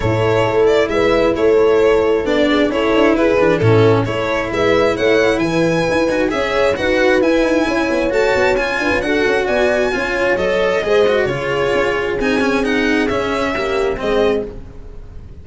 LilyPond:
<<
  \new Staff \with { instrumentName = "violin" } { \time 4/4 \tempo 4 = 133 cis''4. d''8 e''4 cis''4~ | cis''4 d''4 cis''4 b'4 | a'4 cis''4 e''4 fis''4 | gis''2 e''4 fis''4 |
gis''2 a''4 gis''4 | fis''4 gis''2 dis''4~ | dis''4 cis''2 gis''4 | fis''4 e''2 dis''4 | }
  \new Staff \with { instrumentName = "horn" } { \time 4/4 a'2 b'4 a'4~ | a'4. gis'8 a'4 gis'4 | e'4 a'4 b'4 cis''4 | b'2 cis''4 b'4~ |
b'4 cis''2~ cis''8 b'8 | a'4 d''4 cis''2 | c''4 gis'2.~ | gis'2 g'4 gis'4 | }
  \new Staff \with { instrumentName = "cello" } { \time 4/4 e'1~ | e'4 d'4 e'4. d'8 | cis'4 e'2.~ | e'4. fis'8 gis'4 fis'4 |
e'2 fis'4 f'4 | fis'2 f'4 a'4 | gis'8 fis'8 f'2 dis'8 cis'8 | dis'4 cis'4 ais4 c'4 | }
  \new Staff \with { instrumentName = "tuba" } { \time 4/4 a,4 a4 gis4 a4~ | a4 b4 cis'8 d'8 e'8 e8 | a,4 a4 gis4 a4 | e4 e'8 dis'8 cis'4 dis'4 |
e'8 dis'8 cis'8 b8 a8 b8 cis'8 d'16 cis'16 | d'8 cis'8 b4 cis'4 fis4 | gis4 cis4 cis'4 c'4~ | c'4 cis'2 gis4 | }
>>